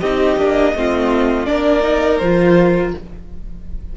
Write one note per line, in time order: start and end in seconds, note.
0.00 0.37 C4
0.00 0.39 D#4
0.00 0.73 G4
0.00 1.46 D#5
0.37 0.74 A#3
0.37 0.75 D4
0.75 1.48 A3
0.75 1.46 C4
0.75 1.50 F4
1.46 2.21 A#3
1.46 1.83 D4
1.46 2.96 A#4
1.46 2.19 D5
1.83 2.20 D#4
2.19 2.94 F3
2.19 2.97 F4
2.19 2.92 C5